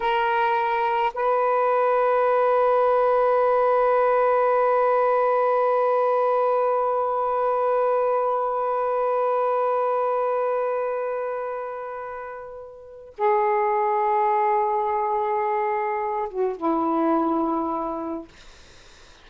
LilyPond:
\new Staff \with { instrumentName = "saxophone" } { \time 4/4 \tempo 4 = 105 ais'2 b'2~ | b'1~ | b'1~ | b'1~ |
b'1~ | b'2. gis'4~ | gis'1~ | gis'8 fis'8 e'2. | }